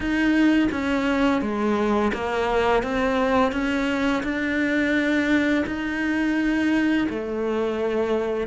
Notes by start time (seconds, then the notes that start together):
0.00 D#4
0.71 C#4
1.41 G#3
2.13 A#3
2.82 C4
3.52 C#4
4.23 D4
5.66 D#4
7.09 A3